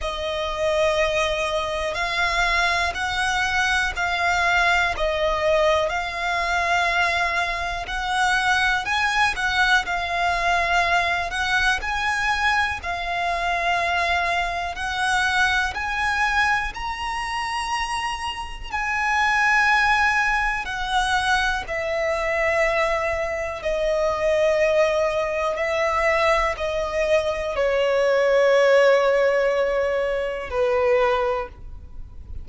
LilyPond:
\new Staff \with { instrumentName = "violin" } { \time 4/4 \tempo 4 = 61 dis''2 f''4 fis''4 | f''4 dis''4 f''2 | fis''4 gis''8 fis''8 f''4. fis''8 | gis''4 f''2 fis''4 |
gis''4 ais''2 gis''4~ | gis''4 fis''4 e''2 | dis''2 e''4 dis''4 | cis''2. b'4 | }